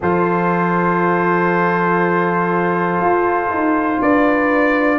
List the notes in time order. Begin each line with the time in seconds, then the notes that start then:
0.00 F3 F4 A4 C5
3.00 F4
3.49 D#4
4.01 D4 B4 D5